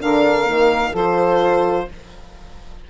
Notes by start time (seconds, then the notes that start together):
0.00 D3 D4 A#4 F5
0.46 D#3 A#3
0.91 F3 F4 A4 C5